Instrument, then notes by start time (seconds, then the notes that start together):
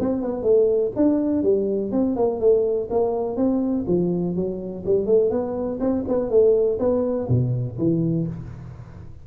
tuba
0.00 C4
0.22 B3
0.43 A3
0.96 D4
1.43 G3
1.92 C4
2.16 A#3
2.40 A3
2.90 A#3
3.36 C4
3.87 F3
4.36 F#3
4.86 G3
5.06 A3
5.31 B3
5.80 C4
6.08 B3
6.30 A3
6.79 B3
7.29 B2
7.78 E3